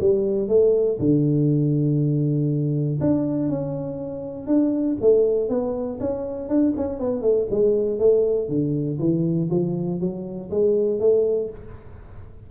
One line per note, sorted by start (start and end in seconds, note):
0.00 0.48 G3
0.48 0.98 A3
0.99 2.99 D3
3.00 3.49 D4
3.49 4.47 C#4
4.47 4.97 D4
5.00 5.49 A3
5.49 5.99 B3
6.00 6.48 C#4
6.48 6.73 D4
6.76 6.99 C#4
6.99 7.22 B3
7.22 7.47 A3
7.50 7.99 G#3
7.99 8.48 A3
8.48 8.98 D3
8.99 9.49 E3
9.50 10.00 F3
10.00 10.50 F#3
10.50 11.00 G#3
11.00 11.50 A3